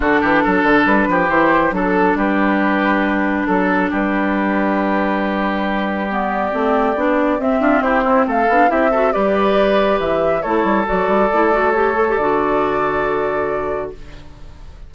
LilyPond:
<<
  \new Staff \with { instrumentName = "flute" } { \time 4/4 \tempo 4 = 138 a'2 b'4 c''4 | a'4 b'2. | a'4 b'2.~ | b'2 d''2~ |
d''4 e''4 c''4 f''4 | e''4 d''2 e''4 | cis''4 d''2 cis''4 | d''1 | }
  \new Staff \with { instrumentName = "oboe" } { \time 4/4 fis'8 g'8 a'4. g'4. | a'4 g'2. | a'4 g'2.~ | g'1~ |
g'4. f'8 g'8 e'8 a'4 | g'8 a'8 b'2. | a'1~ | a'1 | }
  \new Staff \with { instrumentName = "clarinet" } { \time 4/4 d'2. e'4 | d'1~ | d'1~ | d'2 b4 c'4 |
d'4 c'2~ c'8 d'8 | e'8 fis'8 g'2. | e'4 fis'4 e'8 fis'8 g'8 a'16 g'16 | fis'1 | }
  \new Staff \with { instrumentName = "bassoon" } { \time 4/4 d8 e8 fis8 d8 g8 f8 e4 | fis4 g2. | fis4 g2.~ | g2. a4 |
b4 c'8 d'8 e'8 c'8 a8 b8 | c'4 g2 e4 | a8 g8 fis8 g8 a2 | d1 | }
>>